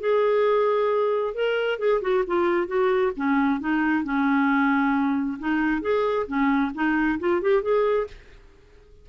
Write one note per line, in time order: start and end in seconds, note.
0.00 1.34 G#4
1.35 1.79 A#4
1.79 2.01 G#4
2.01 2.24 F#4
2.27 2.67 F4
2.67 3.12 F#4
3.16 3.60 C#4
3.60 4.04 D#4
4.04 5.38 C#4
5.39 5.81 D#4
5.81 6.26 G#4
6.27 6.72 C#4
6.74 7.19 D#4
7.19 7.42 F4
7.42 7.62 G4
7.62 8.07 G#4